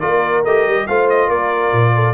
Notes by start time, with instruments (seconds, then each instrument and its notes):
0.00 tuba A#3, trombone F4, horn A#4, trumpet D5
0.45 tuba A3, trombone G4, trumpet D#5
0.66 tuba G3
0.87 tuba A3, trombone F4, horn C5, trumpet F5
1.10 trumpet D#5
1.28 tuba A#3, horn A#4, trumpet D5
1.73 tuba A#2
1.95 horn A4